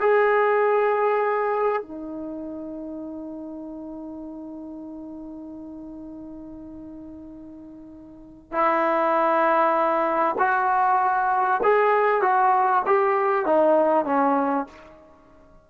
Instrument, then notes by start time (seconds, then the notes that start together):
trombone
0.00 G#4
1.82 D#4
8.52 E4
10.38 F#4
11.63 G#4
12.21 F#4
12.85 G4
13.45 D#4
14.05 C#4